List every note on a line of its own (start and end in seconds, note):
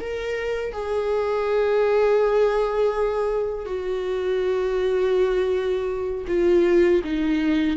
0.00 0.72 A#4
0.72 3.65 G#4
3.65 6.25 F#4
6.28 7.02 F4
7.04 7.77 D#4